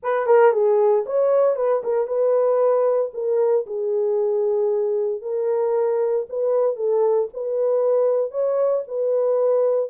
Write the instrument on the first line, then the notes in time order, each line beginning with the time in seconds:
horn
0.02 B4
0.26 A#4
0.52 G#4
1.06 C#5
1.56 B4
1.83 A#4
2.07 B4
3.13 A#4
3.66 G#4
5.21 A#4
6.29 B4
6.76 A4
7.33 B4
8.31 C#5
8.87 B4